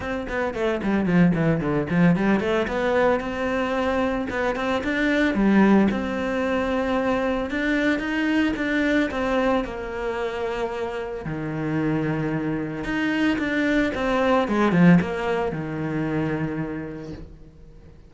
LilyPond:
\new Staff \with { instrumentName = "cello" } { \time 4/4 \tempo 4 = 112 c'8 b8 a8 g8 f8 e8 d8 f8 | g8 a8 b4 c'2 | b8 c'8 d'4 g4 c'4~ | c'2 d'4 dis'4 |
d'4 c'4 ais2~ | ais4 dis2. | dis'4 d'4 c'4 gis8 f8 | ais4 dis2. | }